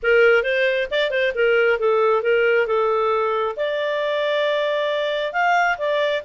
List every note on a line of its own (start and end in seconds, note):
0.03 0.43 A#4
0.43 0.87 C5
0.91 1.10 D5
1.10 1.32 C5
1.34 1.79 A#4
1.79 2.22 A4
2.22 2.66 A#4
2.66 3.55 A4
3.56 5.32 D5
5.32 5.77 F5
5.78 6.22 D5